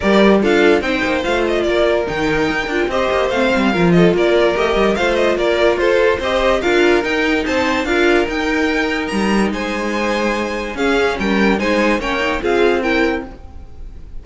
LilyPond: <<
  \new Staff \with { instrumentName = "violin" } { \time 4/4 \tempo 4 = 145 d''4 f''4 g''4 f''8 dis''8 | d''4 g''2 dis''4 | f''4. dis''8 d''4 dis''4 | f''8 dis''8 d''4 c''4 dis''4 |
f''4 g''4 a''4 f''4 | g''2 ais''4 gis''4~ | gis''2 f''4 g''4 | gis''4 g''4 f''4 g''4 | }
  \new Staff \with { instrumentName = "violin" } { \time 4/4 ais'4 a'4 c''2 | ais'2. c''4~ | c''4 ais'8 a'8 ais'2 | c''4 ais'4 a'4 c''4 |
ais'2 c''4 ais'4~ | ais'2. c''4~ | c''2 gis'4 ais'4 | c''4 cis''4 gis'4 ais'4 | }
  \new Staff \with { instrumentName = "viola" } { \time 4/4 g'4 f'4 dis'4 f'4~ | f'4 dis'4. f'8 g'4 | c'4 f'2 g'4 | f'2. g'4 |
f'4 dis'2 f'4 | dis'1~ | dis'2 cis'2 | dis'4 cis'8 dis'8 f'4 e'4 | }
  \new Staff \with { instrumentName = "cello" } { \time 4/4 g4 d'4 c'8 ais8 a4 | ais4 dis4 dis'8 d'8 c'8 ais8 | a8 g8 f4 ais4 a8 g8 | a4 ais4 f'4 c'4 |
d'4 dis'4 c'4 d'4 | dis'2 g4 gis4~ | gis2 cis'4 g4 | gis4 ais4 c'2 | }
>>